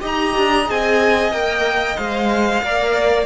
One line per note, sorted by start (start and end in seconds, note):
0.00 0.36 D#4
0.00 0.65 G4
0.00 2.61 D#5
0.07 0.70 A#5
0.37 0.69 D4
0.66 1.32 C4
0.66 1.31 G#4
0.66 1.32 G#5
1.32 1.97 A#3
1.32 1.98 A#4
1.32 1.97 G5
1.97 2.63 G#3
1.97 2.63 C5
1.97 3.26 F5
2.63 3.26 A#3
2.63 3.26 A#4
2.63 3.26 D5